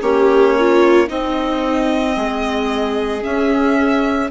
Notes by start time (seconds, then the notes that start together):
0.00 A#3 C#4 G4 C#5
0.59 F4
1.08 C4 D#4 D#5
2.16 G#3 G#4
3.22 C#4 E5